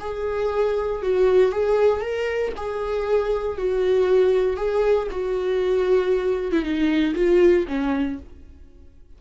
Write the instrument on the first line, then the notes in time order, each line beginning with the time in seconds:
viola
0.00 G#4
1.02 F#4
1.52 G#4
2.01 A#4
2.57 G#4
3.58 F#4
4.57 G#4
5.11 F#4
6.52 E4
6.63 D#4
7.15 F4
7.68 C#4